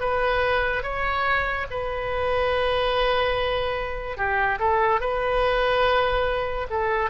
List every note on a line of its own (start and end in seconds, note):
0.00 0.83 B4
0.83 1.66 C#5
1.70 4.17 B4
4.17 4.59 G4
4.59 5.01 A4
5.01 6.67 B4
6.70 7.10 A4